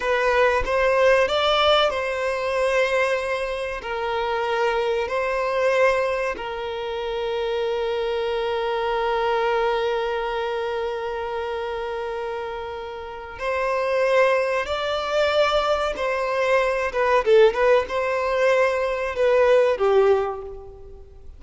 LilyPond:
\new Staff \with { instrumentName = "violin" } { \time 4/4 \tempo 4 = 94 b'4 c''4 d''4 c''4~ | c''2 ais'2 | c''2 ais'2~ | ais'1~ |
ais'1~ | ais'4 c''2 d''4~ | d''4 c''4. b'8 a'8 b'8 | c''2 b'4 g'4 | }